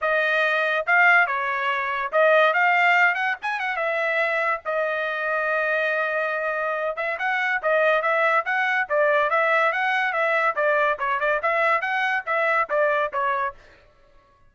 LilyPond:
\new Staff \with { instrumentName = "trumpet" } { \time 4/4 \tempo 4 = 142 dis''2 f''4 cis''4~ | cis''4 dis''4 f''4. fis''8 | gis''8 fis''8 e''2 dis''4~ | dis''1~ |
dis''8 e''8 fis''4 dis''4 e''4 | fis''4 d''4 e''4 fis''4 | e''4 d''4 cis''8 d''8 e''4 | fis''4 e''4 d''4 cis''4 | }